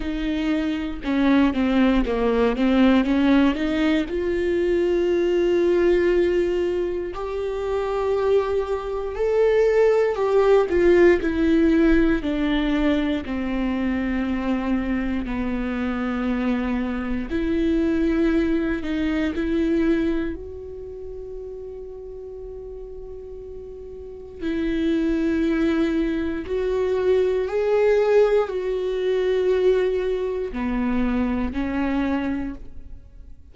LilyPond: \new Staff \with { instrumentName = "viola" } { \time 4/4 \tempo 4 = 59 dis'4 cis'8 c'8 ais8 c'8 cis'8 dis'8 | f'2. g'4~ | g'4 a'4 g'8 f'8 e'4 | d'4 c'2 b4~ |
b4 e'4. dis'8 e'4 | fis'1 | e'2 fis'4 gis'4 | fis'2 b4 cis'4 | }